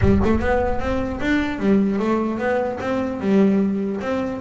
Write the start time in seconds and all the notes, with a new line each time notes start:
0.01 G3
0.24 A3
0.39 B3
0.79 C4
1.21 D4
1.59 G3
1.99 A3
2.38 B3
2.80 C4
3.20 G3
4.01 C4